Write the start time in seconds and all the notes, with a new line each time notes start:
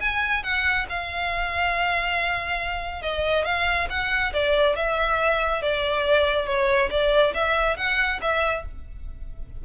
0.00 G#5
0.43 F#5
0.89 F5
3.02 D#5
3.45 F5
3.89 F#5
4.33 D5
4.76 E5
5.62 D5
6.46 C#5
6.90 D5
7.34 E5
7.77 F#5
8.21 E5